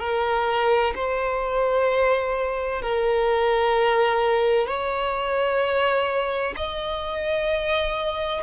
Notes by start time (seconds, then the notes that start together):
0.00 A#4
0.95 C5
2.82 A#4
4.67 C#5
6.56 D#5